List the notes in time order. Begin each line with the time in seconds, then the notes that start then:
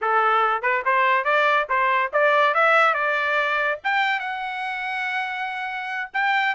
0.01 A4
0.61 B4
0.85 C5
1.24 D5
1.69 C5
2.12 D5
2.54 E5
2.94 D5
3.84 G5
4.19 F#5
6.13 G5